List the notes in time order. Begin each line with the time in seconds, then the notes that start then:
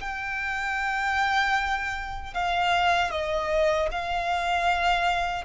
0.00 G5
2.34 F5
3.11 D#5
3.91 F5